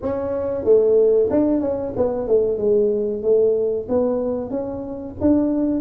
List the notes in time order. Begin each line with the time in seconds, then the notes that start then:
0.01 C#4
0.64 A3
1.30 D4
1.60 C#4
1.96 B3
2.27 A3
2.57 G#3
3.22 A3
3.88 B3
4.50 C#4
5.20 D4